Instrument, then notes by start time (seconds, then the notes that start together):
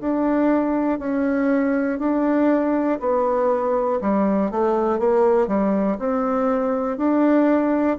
bassoon
0.00 D4
0.99 C#4
2.00 D4
3.00 B3
4.01 G3
4.51 A3
5.00 A#3
5.48 G3
6.00 C4
6.97 D4